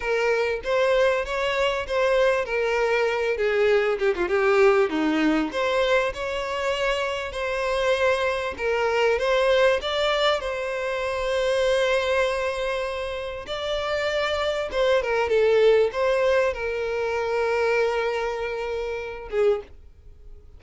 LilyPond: \new Staff \with { instrumentName = "violin" } { \time 4/4 \tempo 4 = 98 ais'4 c''4 cis''4 c''4 | ais'4. gis'4 g'16 f'16 g'4 | dis'4 c''4 cis''2 | c''2 ais'4 c''4 |
d''4 c''2.~ | c''2 d''2 | c''8 ais'8 a'4 c''4 ais'4~ | ais'2.~ ais'8 gis'8 | }